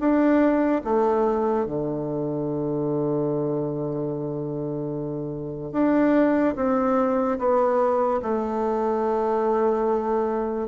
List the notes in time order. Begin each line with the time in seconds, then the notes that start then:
0.00 D4
0.85 A3
1.66 D3
5.73 D4
6.56 C4
7.39 B3
8.23 A3